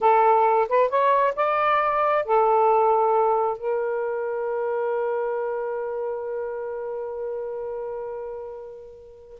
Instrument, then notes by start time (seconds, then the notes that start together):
saxophone
0.00 A4
0.68 B4
0.89 C#5
1.35 D5
2.25 A4
3.57 A#4